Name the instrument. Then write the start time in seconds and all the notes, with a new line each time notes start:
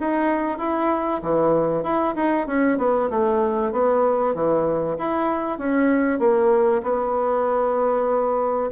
bassoon
0.00 D#4
0.58 E4
1.22 E3
1.83 E4
2.15 D#4
2.47 C#4
2.78 B3
3.10 A3
3.72 B3
4.34 E3
4.98 E4
5.58 C#4
6.19 A#3
6.83 B3